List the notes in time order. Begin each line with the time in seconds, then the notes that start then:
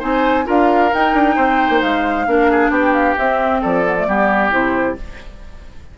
0.00 C4 D#4 C5 G#5
0.45 D4 F4 A#4 F5
0.93 D#4 G5
1.14 D4
1.36 C4 C5
1.70 A#3
1.82 G#3 F5
2.27 A#3 D4 A#4
2.51 G#4
2.70 B3 G4 G5
2.93 F5
3.18 C4 E5
3.62 F3 A4 D5
3.85 B3
3.98 A3
4.07 G3 B3 G4
4.51 C3 E4 C5